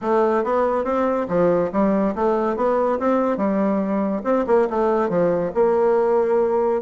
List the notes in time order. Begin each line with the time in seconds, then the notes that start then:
0.01 A3
0.44 B3
0.84 C4
1.28 F3
1.72 G3
2.15 A3
2.56 B3
2.99 C4
3.37 G3
4.24 C4
4.46 A#3
4.69 A3
5.09 F3
5.54 A#3